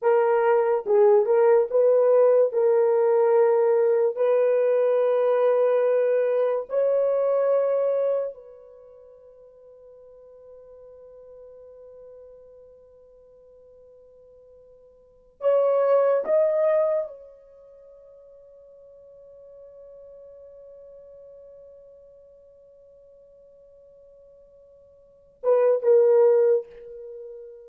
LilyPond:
\new Staff \with { instrumentName = "horn" } { \time 4/4 \tempo 4 = 72 ais'4 gis'8 ais'8 b'4 ais'4~ | ais'4 b'2. | cis''2 b'2~ | b'1~ |
b'2~ b'8 cis''4 dis''8~ | dis''8 cis''2.~ cis''8~ | cis''1~ | cis''2~ cis''8 b'8 ais'4 | }